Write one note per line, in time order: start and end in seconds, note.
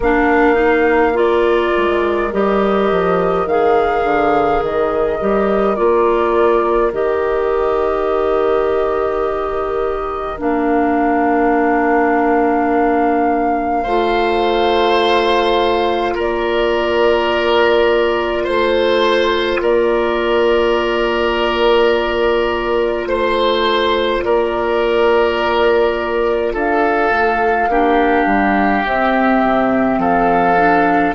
0.00 1.73 A#3
0.00 0.54 D4
0.00 13.83 A#4
0.00 1.17 F5
0.54 1.12 D#4
1.14 2.29 F4
1.14 2.32 D5
1.77 2.33 G#3
2.32 2.91 G3
2.32 3.47 G4
2.32 3.47 D#5
2.91 3.45 F3
3.45 4.03 D#3
3.45 5.19 G#4
3.45 4.63 F5
4.03 4.61 D3
4.62 5.19 D#3
4.62 5.75 D#5
5.19 5.78 G3
5.19 5.76 G4
5.75 6.92 A#3
5.75 6.91 F4
5.75 6.91 D5
6.92 10.38 D#3
6.92 10.37 G4
6.92 10.39 D#5
10.37 13.85 A#3
10.37 13.83 D4
10.37 16.17 F5
13.83 16.16 A3
13.83 27.69 F4
13.83 16.14 C5
16.14 18.47 A#3
16.14 18.44 A#4
16.14 18.45 D5
18.44 19.59 A3
18.44 19.59 C5
18.44 19.61 C5
19.59 23.06 A#3
19.59 23.08 A#4
19.59 23.07 D5
23.06 24.21 A3
23.06 24.22 C5
23.06 24.24 C5
24.23 26.53 A#3
24.23 26.53 A#4
24.23 26.54 D5
26.53 27.10 D4
26.53 27.68 A4
26.53 28.85 F5
27.10 27.68 A3
27.68 28.25 A#3
27.68 28.85 D4
27.68 30.00 G4
28.25 28.83 G3
28.85 29.43 C4
28.85 30.56 C4
28.85 29.99 E5
29.43 29.98 C3
29.98 31.13 F3
29.98 31.15 A4
29.98 31.14 F5
30.56 31.14 D4